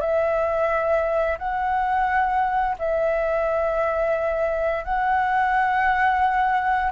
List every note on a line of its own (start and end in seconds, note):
0.00 1.38 E5
1.38 2.76 F#5
2.79 4.84 E5
4.84 6.91 F#5